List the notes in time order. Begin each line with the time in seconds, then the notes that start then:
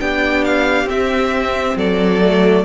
0.00 B3 D4 G4 G5
0.45 F5
0.85 C4 E5
1.76 F#3 A4 D5
2.22 A3